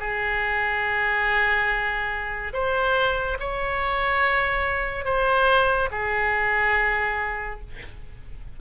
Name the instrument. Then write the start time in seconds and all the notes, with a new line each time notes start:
oboe
0.00 G#4
2.54 C5
3.40 C#5
5.05 C5
5.92 G#4